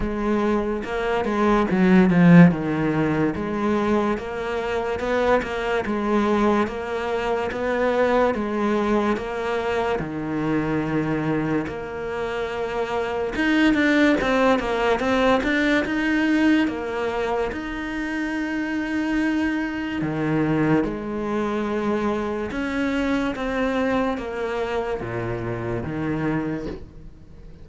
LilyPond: \new Staff \with { instrumentName = "cello" } { \time 4/4 \tempo 4 = 72 gis4 ais8 gis8 fis8 f8 dis4 | gis4 ais4 b8 ais8 gis4 | ais4 b4 gis4 ais4 | dis2 ais2 |
dis'8 d'8 c'8 ais8 c'8 d'8 dis'4 | ais4 dis'2. | dis4 gis2 cis'4 | c'4 ais4 ais,4 dis4 | }